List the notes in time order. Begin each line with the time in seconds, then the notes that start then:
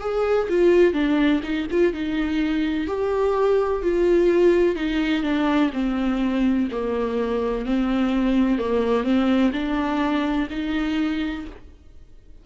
0.00 G#4
0.49 F4
0.93 D4
1.43 D#4
1.70 F4
1.93 D#4
2.87 G4
3.82 F4
4.75 D#4
5.23 D4
5.73 C4
6.71 A#3
7.65 C4
8.58 A#3
9.03 C4
9.52 D4
10.50 D#4